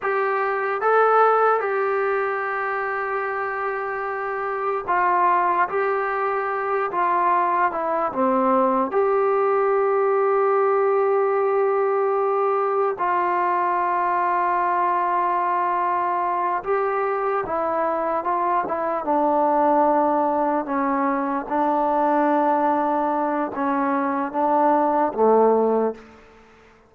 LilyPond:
\new Staff \with { instrumentName = "trombone" } { \time 4/4 \tempo 4 = 74 g'4 a'4 g'2~ | g'2 f'4 g'4~ | g'8 f'4 e'8 c'4 g'4~ | g'1 |
f'1~ | f'8 g'4 e'4 f'8 e'8 d'8~ | d'4. cis'4 d'4.~ | d'4 cis'4 d'4 a4 | }